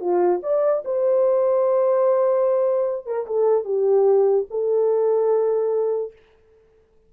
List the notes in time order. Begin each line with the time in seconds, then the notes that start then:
0.00 F4
0.42 D5
0.84 C5
3.06 A#4
3.27 A4
3.64 G4
4.50 A4